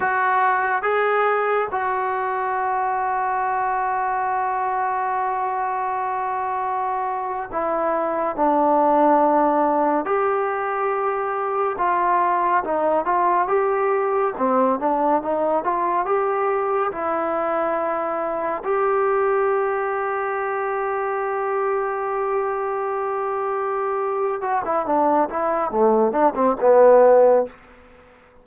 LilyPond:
\new Staff \with { instrumentName = "trombone" } { \time 4/4 \tempo 4 = 70 fis'4 gis'4 fis'2~ | fis'1~ | fis'8. e'4 d'2 g'16~ | g'4.~ g'16 f'4 dis'8 f'8 g'16~ |
g'8. c'8 d'8 dis'8 f'8 g'4 e'16~ | e'4.~ e'16 g'2~ g'16~ | g'1~ | g'8 fis'16 e'16 d'8 e'8 a8 d'16 c'16 b4 | }